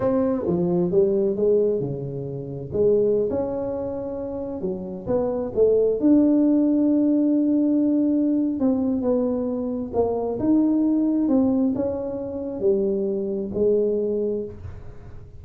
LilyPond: \new Staff \with { instrumentName = "tuba" } { \time 4/4 \tempo 4 = 133 c'4 f4 g4 gis4 | cis2 gis4~ gis16 cis'8.~ | cis'2~ cis'16 fis4 b8.~ | b16 a4 d'2~ d'8.~ |
d'2. c'4 | b2 ais4 dis'4~ | dis'4 c'4 cis'2 | g2 gis2 | }